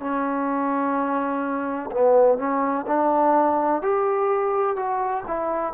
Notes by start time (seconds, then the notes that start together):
0.00 C#4
1.91 B3
2.38 C#4
2.87 D4
3.82 G4
4.76 F#4
5.28 E4